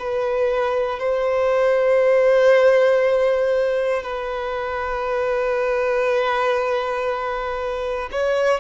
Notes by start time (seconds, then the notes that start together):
0.00 B4
1.00 C5
4.03 B4
8.12 C#5